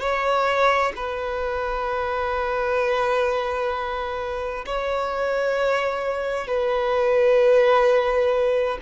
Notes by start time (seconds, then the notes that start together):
0.00 C#5
0.96 B4
4.66 C#5
6.47 B4